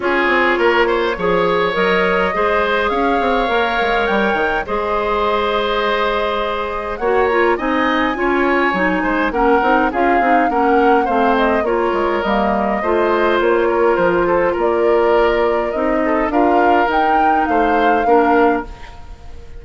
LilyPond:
<<
  \new Staff \with { instrumentName = "flute" } { \time 4/4 \tempo 4 = 103 cis''2. dis''4~ | dis''4 f''2 g''4 | dis''1 | fis''8 ais''8 gis''2. |
fis''4 f''4 fis''4 f''8 dis''8 | cis''4 dis''2 cis''4 | c''4 d''2 dis''4 | f''4 g''4 f''2 | }
  \new Staff \with { instrumentName = "oboe" } { \time 4/4 gis'4 ais'8 c''8 cis''2 | c''4 cis''2. | c''1 | cis''4 dis''4 cis''4. c''8 |
ais'4 gis'4 ais'4 c''4 | ais'2 c''4. ais'8~ | ais'8 a'8 ais'2~ ais'8 a'8 | ais'2 c''4 ais'4 | }
  \new Staff \with { instrumentName = "clarinet" } { \time 4/4 f'2 gis'4 ais'4 | gis'2 ais'2 | gis'1 | fis'8 f'8 dis'4 f'4 dis'4 |
cis'8 dis'8 f'8 dis'8 cis'4 c'4 | f'4 ais4 f'2~ | f'2. dis'4 | f'4 dis'2 d'4 | }
  \new Staff \with { instrumentName = "bassoon" } { \time 4/4 cis'8 c'8 ais4 f4 fis4 | gis4 cis'8 c'8 ais8 gis8 g8 dis8 | gis1 | ais4 c'4 cis'4 fis8 gis8 |
ais8 c'8 cis'8 c'8 ais4 a4 | ais8 gis8 g4 a4 ais4 | f4 ais2 c'4 | d'4 dis'4 a4 ais4 | }
>>